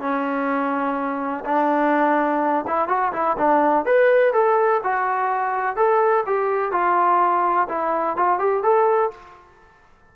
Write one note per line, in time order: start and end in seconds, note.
0.00 1.44 C#4
1.45 2.65 D4
2.67 2.88 E4
2.88 3.12 F#4
3.12 3.36 E4
3.38 3.85 D4
3.85 4.33 B4
4.33 4.81 A4
4.83 5.76 F#4
5.76 6.24 A4
6.26 6.72 G4
6.72 7.68 F4
7.69 8.16 E4
8.16 8.39 F4
8.39 8.63 G4
8.63 9.11 A4